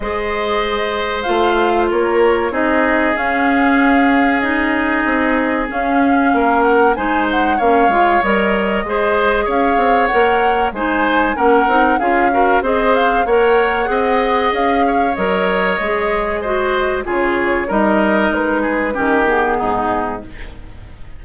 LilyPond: <<
  \new Staff \with { instrumentName = "flute" } { \time 4/4 \tempo 4 = 95 dis''2 f''4 cis''4 | dis''4 f''2 dis''4~ | dis''4 f''4. fis''8 gis''8 fis''8 | f''4 dis''2 f''4 |
fis''4 gis''4 fis''4 f''4 | dis''8 f''8 fis''2 f''4 | dis''2. cis''4 | dis''4 b'4 ais'8 gis'4. | }
  \new Staff \with { instrumentName = "oboe" } { \time 4/4 c''2. ais'4 | gis'1~ | gis'2 ais'4 c''4 | cis''2 c''4 cis''4~ |
cis''4 c''4 ais'4 gis'8 ais'8 | c''4 cis''4 dis''4. cis''8~ | cis''2 c''4 gis'4 | ais'4. gis'8 g'4 dis'4 | }
  \new Staff \with { instrumentName = "clarinet" } { \time 4/4 gis'2 f'2 | dis'4 cis'2 dis'4~ | dis'4 cis'2 dis'4 | cis'8 f'8 ais'4 gis'2 |
ais'4 dis'4 cis'8 dis'8 f'8 fis'8 | gis'4 ais'4 gis'2 | ais'4 gis'4 fis'4 f'4 | dis'2 cis'8 b4. | }
  \new Staff \with { instrumentName = "bassoon" } { \time 4/4 gis2 a4 ais4 | c'4 cis'2. | c'4 cis'4 ais4 gis4 | ais8 gis8 g4 gis4 cis'8 c'8 |
ais4 gis4 ais8 c'8 cis'4 | c'4 ais4 c'4 cis'4 | fis4 gis2 cis4 | g4 gis4 dis4 gis,4 | }
>>